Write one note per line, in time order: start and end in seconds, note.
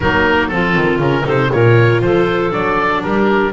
0.00 0.51 F#3
0.00 0.50 A#3
0.00 0.51 D#4
0.00 0.48 A#4
0.48 0.76 F3
0.48 1.00 C4
0.48 1.24 F4
0.48 0.98 A4
0.76 0.98 D#3
0.98 1.23 C#3
0.98 1.24 C#4
0.98 1.26 A#4
1.24 1.51 C3
1.24 1.49 D#4
1.24 1.49 A4
1.24 1.52 C5
1.52 2.01 A#2
1.52 2.51 F4
1.52 2.03 A#4
1.52 2.01 C#5
2.01 2.52 F3
2.01 3.03 A4
2.01 2.52 C5
2.51 3.03 F#3
2.51 3.51 D4
2.51 3.02 D5
3.02 3.53 G3
3.02 3.53 G4
3.02 3.53 A#4